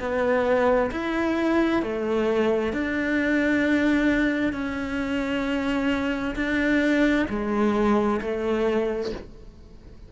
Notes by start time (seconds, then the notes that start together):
0.00 B3
0.92 E4
1.83 A3
2.73 D4
4.53 C#4
6.36 D4
7.30 G#3
8.21 A3